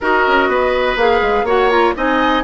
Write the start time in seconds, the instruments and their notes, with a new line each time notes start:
0.00 bassoon D#4, clarinet F#4, oboe A#4, flute D#5
0.27 bassoon C#4
0.47 bassoon B3, oboe B4
0.96 bassoon A#3, clarinet G#4, flute F5
1.21 bassoon G#3
1.43 bassoon A#3, clarinet F#4, oboe C#5, flute F#5
1.69 clarinet F4, flute A#5
1.95 bassoon C4, clarinet D#4, oboe D#5, flute G#5